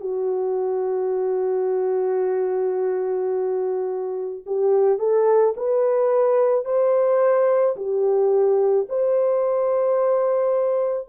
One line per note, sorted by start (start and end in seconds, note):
0.00 4.44 F#4
4.46 4.98 G4
4.98 5.54 A4
5.56 6.65 B4
6.65 7.76 C5
7.76 8.87 G4
8.89 11.08 C5